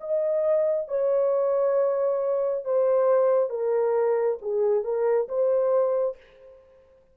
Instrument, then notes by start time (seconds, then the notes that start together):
horn
0.00 D#5
0.88 C#5
2.64 C5
3.49 A#4
4.42 G#4
4.84 A#4
5.28 C5